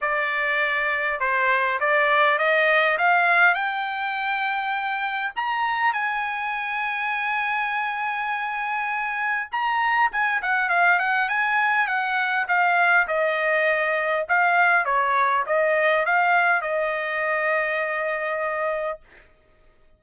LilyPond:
\new Staff \with { instrumentName = "trumpet" } { \time 4/4 \tempo 4 = 101 d''2 c''4 d''4 | dis''4 f''4 g''2~ | g''4 ais''4 gis''2~ | gis''1 |
ais''4 gis''8 fis''8 f''8 fis''8 gis''4 | fis''4 f''4 dis''2 | f''4 cis''4 dis''4 f''4 | dis''1 | }